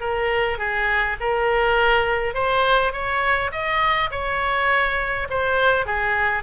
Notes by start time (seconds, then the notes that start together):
0.00 A#4
0.58 G#4
1.20 A#4
2.34 C5
2.92 C#5
3.51 D#5
4.11 C#5
5.29 C5
5.85 G#4